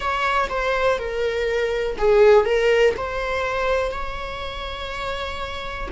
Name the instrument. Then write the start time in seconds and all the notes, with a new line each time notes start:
viola
0.00 C#5
0.49 C5
0.98 A#4
1.98 G#4
2.45 A#4
2.96 C5
3.91 C#5